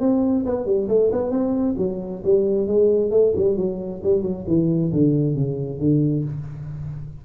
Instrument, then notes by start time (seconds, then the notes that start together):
tuba
0.00 C4
0.46 B3
0.66 G3
0.88 A3
1.12 B3
1.30 C4
1.77 F#3
2.24 G3
2.67 G#3
3.11 A3
3.36 G3
3.57 F#3
4.03 G3
4.22 F#3
4.47 E3
4.92 D3
5.35 C#3
5.79 D3